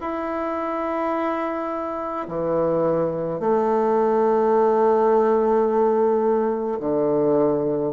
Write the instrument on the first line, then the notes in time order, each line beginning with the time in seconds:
bassoon
0.00 E4
2.28 E3
3.39 A3
6.79 D3